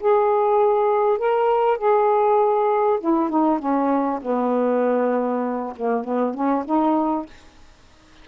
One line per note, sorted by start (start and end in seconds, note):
0.00 1.19 G#4
1.19 1.78 A#4
1.78 2.99 G#4
3.01 3.29 E4
3.29 3.60 D#4
3.60 4.20 C#4
4.22 5.74 B3
5.77 6.04 A#3
6.04 6.34 B3
6.34 6.64 C#4
6.66 7.26 D#4